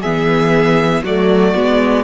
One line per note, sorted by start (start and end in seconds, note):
0.00 1.03 E3
0.00 1.05 B3
0.00 1.02 G#4
0.00 1.03 E5
1.03 1.54 F#3
1.03 1.54 A3
1.03 2.03 F#4
1.03 2.03 D5
1.54 2.03 G#3
1.54 2.03 B3